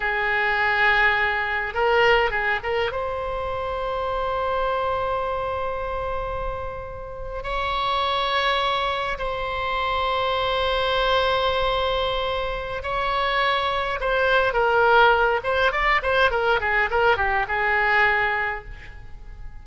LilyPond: \new Staff \with { instrumentName = "oboe" } { \time 4/4 \tempo 4 = 103 gis'2. ais'4 | gis'8 ais'8 c''2.~ | c''1~ | c''8. cis''2. c''16~ |
c''1~ | c''2 cis''2 | c''4 ais'4. c''8 d''8 c''8 | ais'8 gis'8 ais'8 g'8 gis'2 | }